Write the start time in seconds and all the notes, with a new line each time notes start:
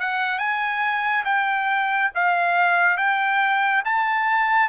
0.00 F#5
0.38 G#5
1.25 G5
2.15 F5
2.97 G5
3.85 A5